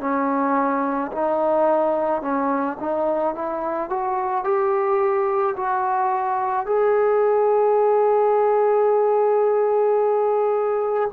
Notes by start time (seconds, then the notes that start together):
0.00 C#4
1.12 D#4
2.22 C#4
2.80 D#4
3.35 E4
3.90 F#4
4.44 G4
5.56 F#4
6.66 G#4